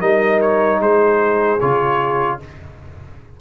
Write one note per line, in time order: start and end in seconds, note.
0.00 0.80 G3
0.00 1.59 D#4
0.00 0.79 A#4
0.00 0.40 D#5
0.41 0.81 C#5
0.80 1.59 G#3
0.80 2.39 G#4
0.80 1.60 C5
1.60 2.40 C#3
1.60 2.40 F4
1.60 2.39 C#5